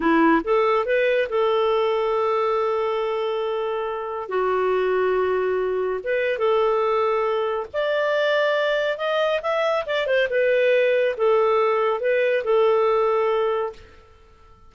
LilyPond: \new Staff \with { instrumentName = "clarinet" } { \time 4/4 \tempo 4 = 140 e'4 a'4 b'4 a'4~ | a'1~ | a'2 fis'2~ | fis'2 b'4 a'4~ |
a'2 d''2~ | d''4 dis''4 e''4 d''8 c''8 | b'2 a'2 | b'4 a'2. | }